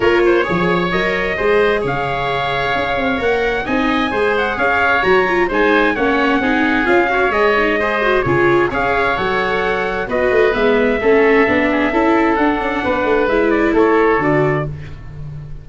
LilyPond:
<<
  \new Staff \with { instrumentName = "trumpet" } { \time 4/4 \tempo 4 = 131 cis''2 dis''2 | f''2. fis''4 | gis''4. fis''8 f''4 ais''4 | gis''4 fis''2 f''4 |
dis''2 cis''4 f''4 | fis''2 dis''4 e''4~ | e''2. fis''4~ | fis''4 e''8 d''8 cis''4 d''4 | }
  \new Staff \with { instrumentName = "oboe" } { \time 4/4 ais'8 c''8 cis''2 c''4 | cis''1 | dis''4 c''4 cis''2 | c''4 cis''4 gis'4. cis''8~ |
cis''4 c''4 gis'4 cis''4~ | cis''2 b'2 | a'4. gis'8 a'2 | b'2 a'2 | }
  \new Staff \with { instrumentName = "viola" } { \time 4/4 f'4 gis'4 ais'4 gis'4~ | gis'2. ais'4 | dis'4 gis'2 fis'8 f'8 | dis'4 cis'4 dis'4 f'8 fis'8 |
gis'8 dis'8 gis'8 fis'8 f'4 gis'4 | a'2 fis'4 b4 | cis'4 d'4 e'4 d'4~ | d'4 e'2 fis'4 | }
  \new Staff \with { instrumentName = "tuba" } { \time 4/4 ais4 f4 fis4 gis4 | cis2 cis'8 c'8 ais4 | c'4 gis4 cis'4 fis4 | gis4 ais4 c'4 cis'4 |
gis2 cis4 cis'4 | fis2 b8 a8 gis4 | a4 b4 cis'4 d'8 cis'8 | b8 a8 gis4 a4 d4 | }
>>